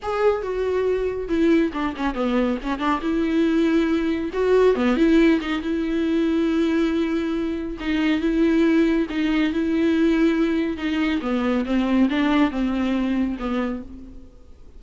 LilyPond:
\new Staff \with { instrumentName = "viola" } { \time 4/4 \tempo 4 = 139 gis'4 fis'2 e'4 | d'8 cis'8 b4 cis'8 d'8 e'4~ | e'2 fis'4 b8 e'8~ | e'8 dis'8 e'2.~ |
e'2 dis'4 e'4~ | e'4 dis'4 e'2~ | e'4 dis'4 b4 c'4 | d'4 c'2 b4 | }